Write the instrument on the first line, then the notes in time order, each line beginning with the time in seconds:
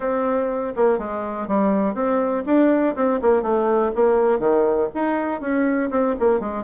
bassoon
0.00 C4
0.75 A#3
0.98 G#3
1.47 G3
1.94 C4
2.46 D4
2.95 C4
3.21 A#3
3.42 A3
3.95 A#3
4.39 D#3
4.94 D#4
5.41 C#4
5.90 C4
6.19 A#3
6.40 G#3